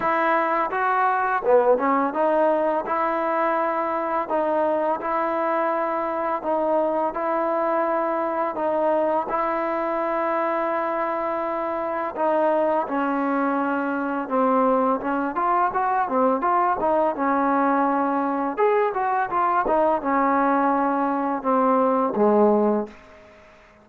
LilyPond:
\new Staff \with { instrumentName = "trombone" } { \time 4/4 \tempo 4 = 84 e'4 fis'4 b8 cis'8 dis'4 | e'2 dis'4 e'4~ | e'4 dis'4 e'2 | dis'4 e'2.~ |
e'4 dis'4 cis'2 | c'4 cis'8 f'8 fis'8 c'8 f'8 dis'8 | cis'2 gis'8 fis'8 f'8 dis'8 | cis'2 c'4 gis4 | }